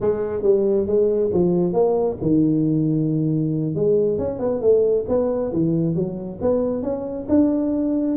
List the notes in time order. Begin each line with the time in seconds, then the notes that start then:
0.00 G#3
0.42 G3
0.86 G#3
1.33 F3
1.73 A#3
2.21 D#3
3.75 G#3
4.18 C#4
4.39 B3
4.61 A3
5.08 B3
5.52 E3
5.95 F#3
6.41 B3
6.83 C#4
7.28 D4